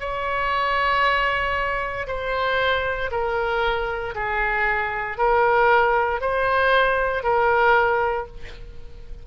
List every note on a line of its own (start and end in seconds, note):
0.00 2.07 C#5
2.07 3.11 C5
3.11 4.15 A#4
4.15 5.18 G#4
5.18 6.21 A#4
6.21 7.24 C5
7.24 8.27 A#4